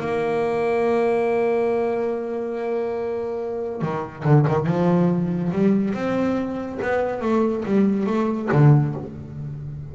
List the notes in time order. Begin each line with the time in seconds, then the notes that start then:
0.00 A#3
3.82 D#3
4.25 D3
4.48 D#3
4.67 F3
5.52 G3
5.94 C4
6.82 B3
7.22 A3
7.66 G3
8.07 A3
8.52 D3